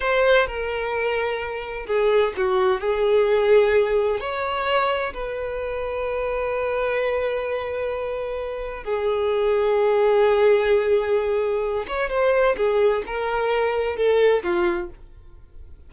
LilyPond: \new Staff \with { instrumentName = "violin" } { \time 4/4 \tempo 4 = 129 c''4 ais'2. | gis'4 fis'4 gis'2~ | gis'4 cis''2 b'4~ | b'1~ |
b'2. gis'4~ | gis'1~ | gis'4. cis''8 c''4 gis'4 | ais'2 a'4 f'4 | }